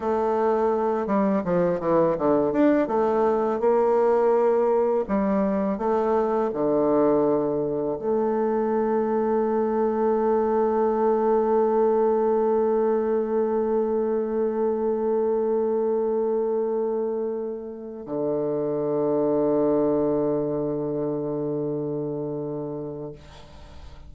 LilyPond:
\new Staff \with { instrumentName = "bassoon" } { \time 4/4 \tempo 4 = 83 a4. g8 f8 e8 d8 d'8 | a4 ais2 g4 | a4 d2 a4~ | a1~ |
a1~ | a1~ | a4 d2.~ | d1 | }